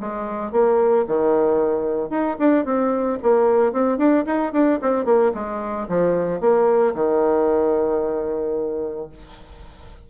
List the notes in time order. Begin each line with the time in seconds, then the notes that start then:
0.00 G#3
0.52 A#3
1.07 D#3
2.09 D#4
2.39 D4
2.65 C4
3.22 A#3
3.72 C4
3.97 D4
4.26 D#4
4.52 D4
4.81 C4
5.05 A#3
5.34 G#3
5.88 F3
6.40 A#3
6.94 D#3